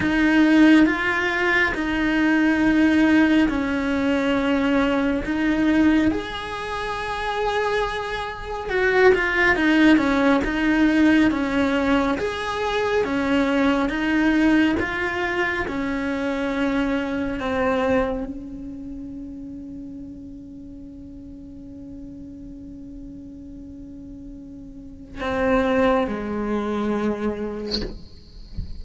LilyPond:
\new Staff \with { instrumentName = "cello" } { \time 4/4 \tempo 4 = 69 dis'4 f'4 dis'2 | cis'2 dis'4 gis'4~ | gis'2 fis'8 f'8 dis'8 cis'8 | dis'4 cis'4 gis'4 cis'4 |
dis'4 f'4 cis'2 | c'4 cis'2.~ | cis'1~ | cis'4 c'4 gis2 | }